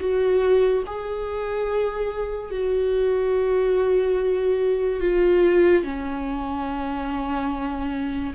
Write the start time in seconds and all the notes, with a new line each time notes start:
0.00 F#4
0.87 G#4
2.51 F#4
5.01 F4
5.84 C#4